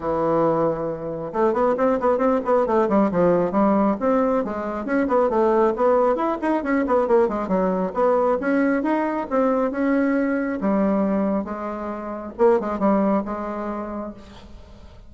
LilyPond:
\new Staff \with { instrumentName = "bassoon" } { \time 4/4 \tempo 4 = 136 e2. a8 b8 | c'8 b8 c'8 b8 a8 g8 f4 | g4 c'4 gis4 cis'8 b8 | a4 b4 e'8 dis'8 cis'8 b8 |
ais8 gis8 fis4 b4 cis'4 | dis'4 c'4 cis'2 | g2 gis2 | ais8 gis8 g4 gis2 | }